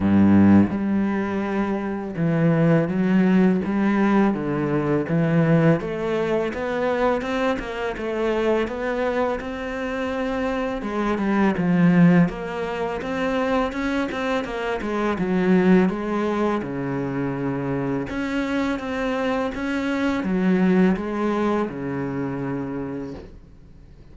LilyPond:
\new Staff \with { instrumentName = "cello" } { \time 4/4 \tempo 4 = 83 g,4 g2 e4 | fis4 g4 d4 e4 | a4 b4 c'8 ais8 a4 | b4 c'2 gis8 g8 |
f4 ais4 c'4 cis'8 c'8 | ais8 gis8 fis4 gis4 cis4~ | cis4 cis'4 c'4 cis'4 | fis4 gis4 cis2 | }